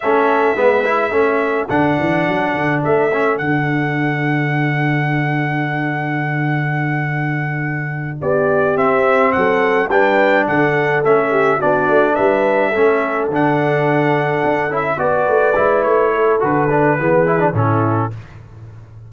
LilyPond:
<<
  \new Staff \with { instrumentName = "trumpet" } { \time 4/4 \tempo 4 = 106 e''2. fis''4~ | fis''4 e''4 fis''2~ | fis''1~ | fis''2~ fis''8 d''4 e''8~ |
e''8 fis''4 g''4 fis''4 e''8~ | e''8 d''4 e''2 fis''8~ | fis''2 e''8 d''4. | cis''4 b'2 a'4 | }
  \new Staff \with { instrumentName = "horn" } { \time 4/4 a'4 b'4 a'2~ | a'1~ | a'1~ | a'2~ a'8 g'4.~ |
g'8 a'4 b'4 a'4. | g'8 fis'4 b'4 a'4.~ | a'2~ a'8 b'4.~ | b'8 a'4. gis'4 e'4 | }
  \new Staff \with { instrumentName = "trombone" } { \time 4/4 cis'4 b8 e'8 cis'4 d'4~ | d'4. cis'8 d'2~ | d'1~ | d'2.~ d'8 c'8~ |
c'4. d'2 cis'8~ | cis'8 d'2 cis'4 d'8~ | d'2 e'8 fis'4 e'8~ | e'4 fis'8 d'8 b8 e'16 d'16 cis'4 | }
  \new Staff \with { instrumentName = "tuba" } { \time 4/4 a4 gis4 a4 d8 e8 | fis8 d8 a4 d2~ | d1~ | d2~ d8 b4 c'8~ |
c'8 fis4 g4 d4 a8~ | a8 b8 a8 g4 a4 d8~ | d4. d'8 cis'8 b8 a8 gis8 | a4 d4 e4 a,4 | }
>>